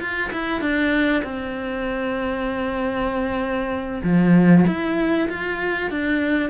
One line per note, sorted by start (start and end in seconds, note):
0.00 0.31 F4
0.33 0.61 E4
0.61 1.23 D4
1.24 4.02 C4
4.03 4.65 F3
4.67 5.29 E4
5.29 5.90 F4
5.90 6.50 D4